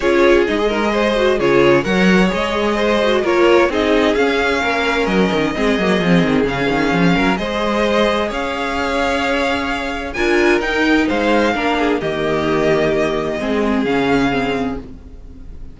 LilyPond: <<
  \new Staff \with { instrumentName = "violin" } { \time 4/4 \tempo 4 = 130 cis''4 dis''2 cis''4 | fis''4 dis''2 cis''4 | dis''4 f''2 dis''4~ | dis''2 f''2 |
dis''2 f''2~ | f''2 gis''4 g''4 | f''2 dis''2~ | dis''2 f''2 | }
  \new Staff \with { instrumentName = "violin" } { \time 4/4 gis'4. ais'8 c''4 gis'4 | cis''2 c''4 ais'4 | gis'2 ais'2 | gis'2.~ gis'8 ais'8 |
c''2 cis''2~ | cis''2 ais'2 | c''4 ais'8 gis'8 g'2~ | g'4 gis'2. | }
  \new Staff \with { instrumentName = "viola" } { \time 4/4 f'4 dis'16 gis'16 dis'16 gis'8. fis'8 f'4 | ais'4 gis'4. fis'8 f'4 | dis'4 cis'2. | c'8 ais8 c'4 cis'2 |
gis'1~ | gis'2 f'4 dis'4~ | dis'4 d'4 ais2~ | ais4 c'4 cis'4 c'4 | }
  \new Staff \with { instrumentName = "cello" } { \time 4/4 cis'4 gis2 cis4 | fis4 gis2 ais4 | c'4 cis'4 ais4 fis8 dis8 | gis8 fis8 f8 dis8 cis8 dis8 f8 fis8 |
gis2 cis'2~ | cis'2 d'4 dis'4 | gis4 ais4 dis2~ | dis4 gis4 cis2 | }
>>